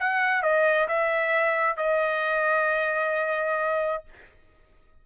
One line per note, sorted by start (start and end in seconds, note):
0.00 0.43 F#5
0.43 0.88 D#5
0.88 1.77 E5
1.77 4.05 D#5